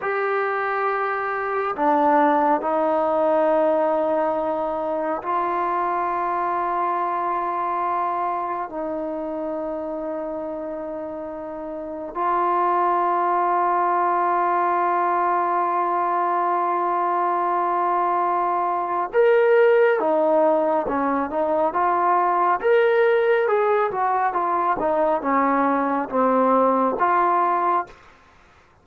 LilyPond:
\new Staff \with { instrumentName = "trombone" } { \time 4/4 \tempo 4 = 69 g'2 d'4 dis'4~ | dis'2 f'2~ | f'2 dis'2~ | dis'2 f'2~ |
f'1~ | f'2 ais'4 dis'4 | cis'8 dis'8 f'4 ais'4 gis'8 fis'8 | f'8 dis'8 cis'4 c'4 f'4 | }